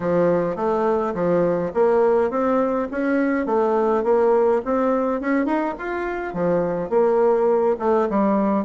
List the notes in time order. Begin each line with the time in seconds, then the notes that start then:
0.00 F3
0.56 A3
1.14 F3
1.74 A#3
2.30 C4
2.91 C#4
3.46 A3
4.03 A#3
4.64 C4
5.21 C#4
5.45 D#4
5.78 F4
6.33 F3
6.89 A#3
7.79 A3
8.09 G3